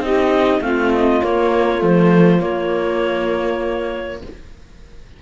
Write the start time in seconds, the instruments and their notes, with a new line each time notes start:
0.00 cello C4, viola D#4, saxophone G4, clarinet D#5
0.61 cello A3, viola C4, saxophone F4, clarinet F5
0.94 clarinet D#5
1.23 viola A#3, cello A#3, clarinet C#5
1.79 cello F3, viola A3, clarinet C5
2.40 viola A#3, cello A#3, clarinet C#5